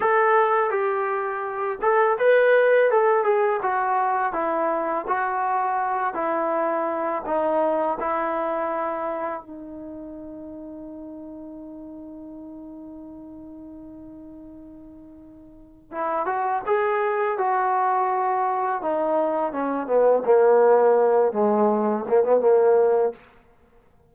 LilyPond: \new Staff \with { instrumentName = "trombone" } { \time 4/4 \tempo 4 = 83 a'4 g'4. a'8 b'4 | a'8 gis'8 fis'4 e'4 fis'4~ | fis'8 e'4. dis'4 e'4~ | e'4 dis'2.~ |
dis'1~ | dis'2 e'8 fis'8 gis'4 | fis'2 dis'4 cis'8 b8 | ais4. gis4 ais16 b16 ais4 | }